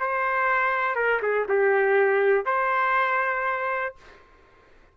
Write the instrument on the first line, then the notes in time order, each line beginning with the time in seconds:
trumpet
0.00 C5
0.95 A#4
1.22 G#4
1.49 G4
2.46 C5